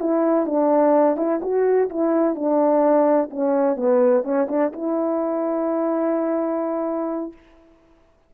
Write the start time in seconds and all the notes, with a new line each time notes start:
0.00 E4
0.46 D4
1.17 E4
1.42 F#4
1.89 E4
2.35 D4
3.30 C#4
3.76 B3
4.23 C#4
4.48 D4
4.73 E4